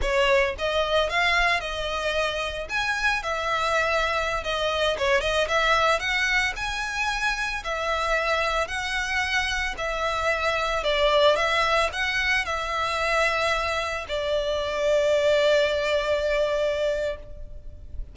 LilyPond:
\new Staff \with { instrumentName = "violin" } { \time 4/4 \tempo 4 = 112 cis''4 dis''4 f''4 dis''4~ | dis''4 gis''4 e''2~ | e''16 dis''4 cis''8 dis''8 e''4 fis''8.~ | fis''16 gis''2 e''4.~ e''16~ |
e''16 fis''2 e''4.~ e''16~ | e''16 d''4 e''4 fis''4 e''8.~ | e''2~ e''16 d''4.~ d''16~ | d''1 | }